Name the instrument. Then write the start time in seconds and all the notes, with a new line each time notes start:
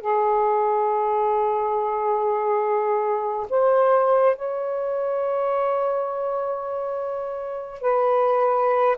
saxophone
0.00 G#4
3.49 C5
4.36 C#5
7.81 B4